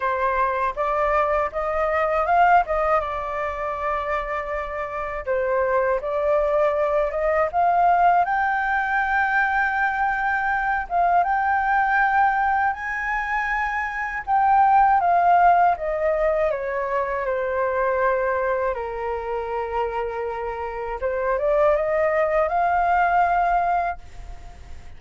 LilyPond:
\new Staff \with { instrumentName = "flute" } { \time 4/4 \tempo 4 = 80 c''4 d''4 dis''4 f''8 dis''8 | d''2. c''4 | d''4. dis''8 f''4 g''4~ | g''2~ g''8 f''8 g''4~ |
g''4 gis''2 g''4 | f''4 dis''4 cis''4 c''4~ | c''4 ais'2. | c''8 d''8 dis''4 f''2 | }